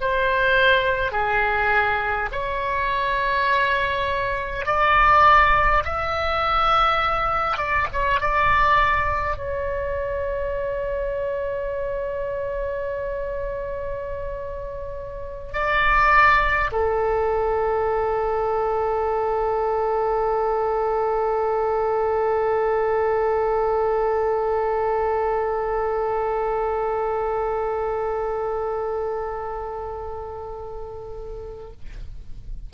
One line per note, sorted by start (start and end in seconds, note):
0.00 1.11 C5
1.11 2.29 G#4
2.32 4.66 C#5
4.66 5.83 D5
5.84 7.57 E5
7.57 7.87 D5
7.92 8.20 C#5
8.20 9.36 D5
9.36 15.52 C#5
15.52 16.70 D5
16.72 31.72 A4